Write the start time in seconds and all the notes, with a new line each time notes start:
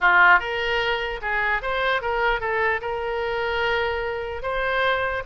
0.01 F4
0.39 A#4
1.21 G#4
1.62 C5
2.01 A#4
2.40 A4
2.81 A#4
4.42 C5